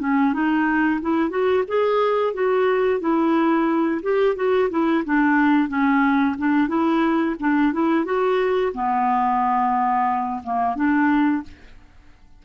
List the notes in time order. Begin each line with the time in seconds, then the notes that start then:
0.00 C#4
0.33 D#4
1.02 E4
1.30 F#4
1.68 G#4
2.34 F#4
3.00 E4
4.03 G4
4.36 F#4
4.71 E4
5.05 D4
5.69 C#4
6.39 D4
6.69 E4
7.40 D4
7.73 E4
8.05 F#4
8.74 B3
10.44 A#3
10.76 D4